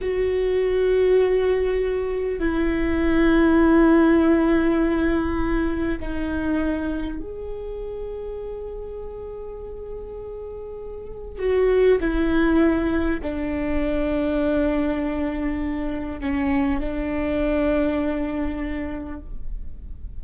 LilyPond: \new Staff \with { instrumentName = "viola" } { \time 4/4 \tempo 4 = 100 fis'1 | e'1~ | e'2 dis'2 | gis'1~ |
gis'2. fis'4 | e'2 d'2~ | d'2. cis'4 | d'1 | }